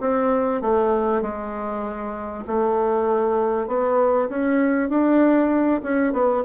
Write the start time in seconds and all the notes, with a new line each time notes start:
0.00 C4
0.61 A3
1.21 G#3
2.47 A3
3.67 B3
4.29 C#4
4.89 D4
5.83 C#4
6.13 B3